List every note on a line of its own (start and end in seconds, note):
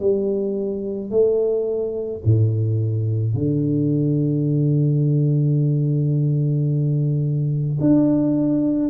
0.00 1.11 G3
1.11 2.22 A3
2.24 3.34 A2
3.34 7.78 D3
7.80 8.89 D4